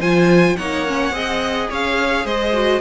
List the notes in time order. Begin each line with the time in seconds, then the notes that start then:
0.00 F3 F4 C5 G#5
0.57 A#3 D#4 C#5 F#5
0.87 C#4
1.11 C4 G#4 D#5
1.70 C#4 C#5 F5
2.24 G#3 C5 D#5
2.53 F#4